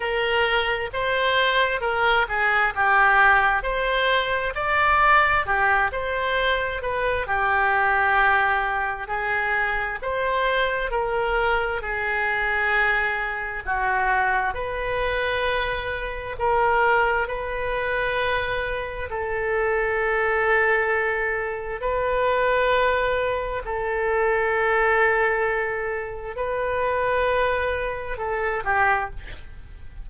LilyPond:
\new Staff \with { instrumentName = "oboe" } { \time 4/4 \tempo 4 = 66 ais'4 c''4 ais'8 gis'8 g'4 | c''4 d''4 g'8 c''4 b'8 | g'2 gis'4 c''4 | ais'4 gis'2 fis'4 |
b'2 ais'4 b'4~ | b'4 a'2. | b'2 a'2~ | a'4 b'2 a'8 g'8 | }